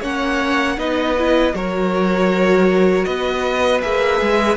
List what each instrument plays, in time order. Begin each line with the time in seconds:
0.00 cello A#3, viola C#4, violin C#5 F#5
0.77 cello B3, viola D#4, violin B4 D#5
1.18 viola E4
1.53 cello F#3, viola F#4, violin A#4 C#5
3.04 cello B3, violin B4 D#5
3.81 cello A#3, viola G#4, violin E5
4.21 cello G#3